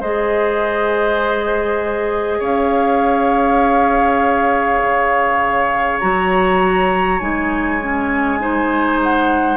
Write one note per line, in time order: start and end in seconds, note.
0.00 2.40 G#3
0.00 6.02 G#4
0.00 2.39 C5
0.00 2.42 D#5
2.39 4.80 C#4
2.39 8.39 C#5
2.39 5.99 F5
4.82 6.02 C#3
5.99 7.21 F#3
5.99 7.20 F#4
5.99 7.19 A#5
7.19 9.57 G#3
7.19 7.80 D#4
7.19 8.99 G#5
7.82 8.39 C#4
8.39 9.57 D#4
8.39 9.57 C5
9.03 9.57 F#5